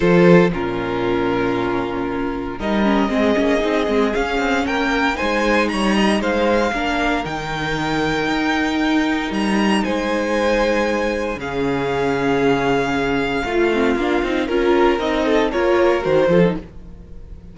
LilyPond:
<<
  \new Staff \with { instrumentName = "violin" } { \time 4/4 \tempo 4 = 116 c''4 ais'2.~ | ais'4 dis''2. | f''4 g''4 gis''4 ais''4 | f''2 g''2~ |
g''2 ais''4 gis''4~ | gis''2 f''2~ | f''1 | ais'4 dis''4 cis''4 c''4 | }
  \new Staff \with { instrumentName = "violin" } { \time 4/4 a'4 f'2.~ | f'4 ais'4 gis'2~ | gis'4 ais'4 c''4 cis''8 dis''8 | c''4 ais'2.~ |
ais'2. c''4~ | c''2 gis'2~ | gis'2 f'2 | ais'4. a'8 ais'4. a'8 | }
  \new Staff \with { instrumentName = "viola" } { \time 4/4 f'4 cis'2.~ | cis'4 dis'8 cis'8 c'8 cis'8 dis'8 c'8 | cis'2 dis'2~ | dis'4 d'4 dis'2~ |
dis'1~ | dis'2 cis'2~ | cis'2 f'8 c'8 d'8 dis'8 | f'4 dis'4 f'4 fis'8 f'16 dis'16 | }
  \new Staff \with { instrumentName = "cello" } { \time 4/4 f4 ais,2.~ | ais,4 g4 gis8 ais8 c'8 gis8 | cis'8 c'8 ais4 gis4 g4 | gis4 ais4 dis2 |
dis'2 g4 gis4~ | gis2 cis2~ | cis2 a4 ais8 c'8 | cis'4 c'4 ais4 dis8 f8 | }
>>